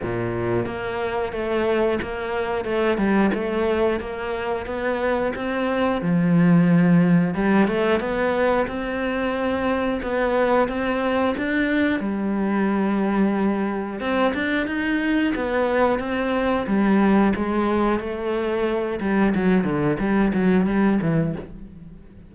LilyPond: \new Staff \with { instrumentName = "cello" } { \time 4/4 \tempo 4 = 90 ais,4 ais4 a4 ais4 | a8 g8 a4 ais4 b4 | c'4 f2 g8 a8 | b4 c'2 b4 |
c'4 d'4 g2~ | g4 c'8 d'8 dis'4 b4 | c'4 g4 gis4 a4~ | a8 g8 fis8 d8 g8 fis8 g8 e8 | }